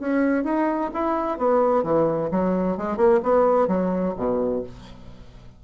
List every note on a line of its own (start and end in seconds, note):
0.00 0.44 C#4
0.44 0.91 D#4
0.94 1.38 E4
1.38 1.84 B3
1.84 2.30 E3
2.31 2.77 F#3
2.77 2.97 G#3
2.97 3.20 A#3
3.23 3.68 B3
3.68 4.14 F#3
4.17 4.63 B2